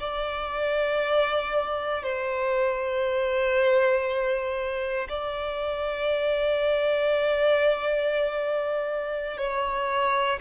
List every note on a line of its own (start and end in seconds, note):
0.00 2.02 D5
2.02 5.08 C5
5.09 9.38 D5
9.38 10.40 C#5